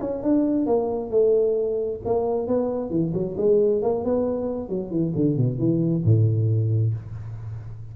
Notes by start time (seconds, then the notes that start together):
0.00 C#4
0.23 D4
0.66 A#3
1.10 A3
2.05 A#3
2.47 B3
2.90 E3
3.13 F#3
3.37 G#3
3.82 A#3
4.04 B3
4.69 F#3
4.90 E3
5.15 D3
5.37 B2
5.58 E3
6.04 A2